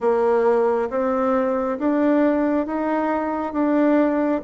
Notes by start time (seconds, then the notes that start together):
0.00 A#3
0.90 C4
1.78 D4
2.66 D#4
3.53 D4